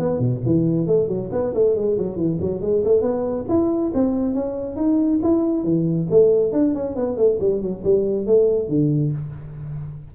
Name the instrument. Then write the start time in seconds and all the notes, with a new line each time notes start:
tuba
0.00 B3
0.20 B2
0.46 E3
0.87 A3
1.08 F#3
1.33 B3
1.54 A3
1.76 G#3
1.98 F#3
2.17 E3
2.41 F#3
2.62 G#3
2.85 A3
3.02 B3
3.49 E4
3.95 C4
4.35 C#4
4.77 D#4
5.23 E4
5.64 E3
6.11 A3
6.53 D4
6.75 C#4
6.96 B3
7.17 A3
7.41 G3
7.62 F#3
7.85 G3
8.27 A3
8.69 D3